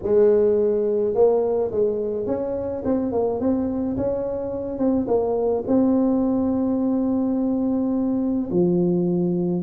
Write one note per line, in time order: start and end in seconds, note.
0.03 1.14 G#3
1.14 1.71 A#3
1.71 2.26 G#3
2.26 2.83 C#4
2.84 3.11 C4
3.11 3.40 A#3
3.40 3.96 C4
3.96 4.78 C#4
4.78 5.06 C4
5.07 5.64 A#3
5.67 8.50 C4
8.50 9.62 F3